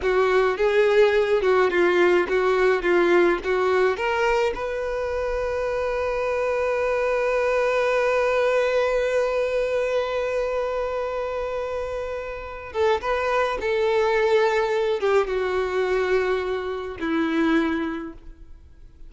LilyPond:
\new Staff \with { instrumentName = "violin" } { \time 4/4 \tempo 4 = 106 fis'4 gis'4. fis'8 f'4 | fis'4 f'4 fis'4 ais'4 | b'1~ | b'1~ |
b'1~ | b'2~ b'8 a'8 b'4 | a'2~ a'8 g'8 fis'4~ | fis'2 e'2 | }